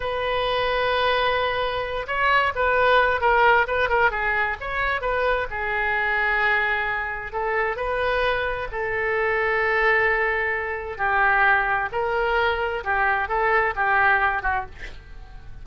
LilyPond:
\new Staff \with { instrumentName = "oboe" } { \time 4/4 \tempo 4 = 131 b'1~ | b'8 cis''4 b'4. ais'4 | b'8 ais'8 gis'4 cis''4 b'4 | gis'1 |
a'4 b'2 a'4~ | a'1 | g'2 ais'2 | g'4 a'4 g'4. fis'8 | }